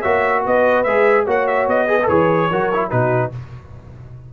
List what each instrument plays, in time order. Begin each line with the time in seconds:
0.00 tuba A#3, trombone F#4, horn C#5, trumpet E5
0.45 tuba B3, horn B4, trumpet D#5
0.83 tuba G#3, trombone G#4, trumpet E5
1.25 tuba A#3, trombone F#4, horn C#5, trumpet F#5
1.47 trumpet E5
1.67 tuba B3, trumpet D#5
1.88 trombone G#4, horn B4
2.03 tuba E3, trombone A4, trumpet C#5
2.09 trombone G#4
2.50 tuba F#3, trombone F#4, horn A#4
2.73 trombone E4
2.90 tuba B2, trombone D#4, horn F#4, trumpet B4